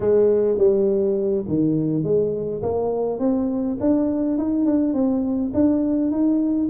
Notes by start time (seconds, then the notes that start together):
0.00 G#3
0.57 G3
1.47 D#3
2.03 G#3
2.62 A#3
3.19 C4
3.80 D4
4.38 D#4
4.65 D4
4.93 C4
5.53 D4
6.11 D#4